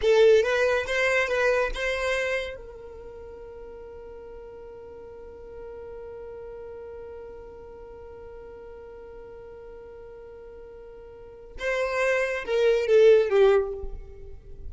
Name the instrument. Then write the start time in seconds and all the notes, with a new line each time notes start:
violin
0.01 A4
0.43 B4
0.86 C5
1.27 B4
1.74 C5
2.56 A#4
11.59 C5
12.45 A#4
12.86 A4
13.29 G4